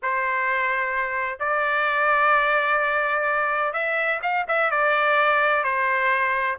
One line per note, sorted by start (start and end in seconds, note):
0.02 1.39 C5
1.39 3.73 D5
3.73 4.20 E5
4.22 4.46 F5
4.48 4.70 E5
4.70 5.63 D5
5.63 6.57 C5